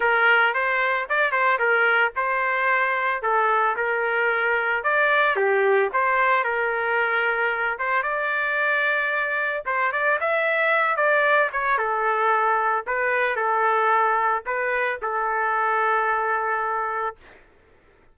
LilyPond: \new Staff \with { instrumentName = "trumpet" } { \time 4/4 \tempo 4 = 112 ais'4 c''4 d''8 c''8 ais'4 | c''2 a'4 ais'4~ | ais'4 d''4 g'4 c''4 | ais'2~ ais'8 c''8 d''4~ |
d''2 c''8 d''8 e''4~ | e''8 d''4 cis''8 a'2 | b'4 a'2 b'4 | a'1 | }